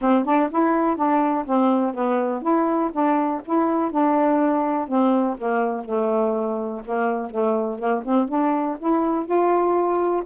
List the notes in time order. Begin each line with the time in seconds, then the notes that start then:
0.01 C4
0.25 D4
0.51 E4
0.96 D4
1.45 C4
1.94 B3
2.42 E4
2.92 D4
3.45 E4
3.91 D4
4.88 C4
5.37 A#3
5.84 A3
6.85 A#3
7.30 A3
7.78 A#3
8.04 C4
8.28 D4
8.78 E4
9.25 F4